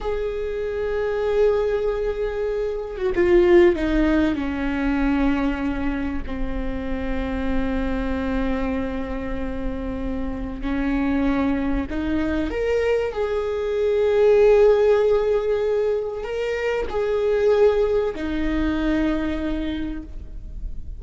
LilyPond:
\new Staff \with { instrumentName = "viola" } { \time 4/4 \tempo 4 = 96 gis'1~ | gis'8. fis'16 f'4 dis'4 cis'4~ | cis'2 c'2~ | c'1~ |
c'4 cis'2 dis'4 | ais'4 gis'2.~ | gis'2 ais'4 gis'4~ | gis'4 dis'2. | }